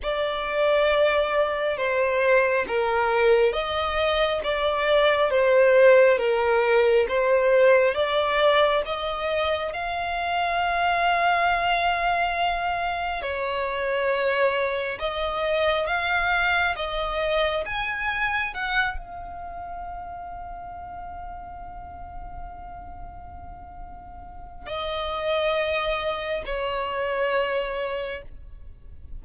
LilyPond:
\new Staff \with { instrumentName = "violin" } { \time 4/4 \tempo 4 = 68 d''2 c''4 ais'4 | dis''4 d''4 c''4 ais'4 | c''4 d''4 dis''4 f''4~ | f''2. cis''4~ |
cis''4 dis''4 f''4 dis''4 | gis''4 fis''8 f''2~ f''8~ | f''1 | dis''2 cis''2 | }